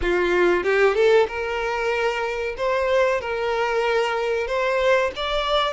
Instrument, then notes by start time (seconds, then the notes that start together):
violin
0.01 F4
0.63 G4
0.95 A4
1.28 A#4
2.57 C5
3.20 A#4
4.47 C5
5.16 D5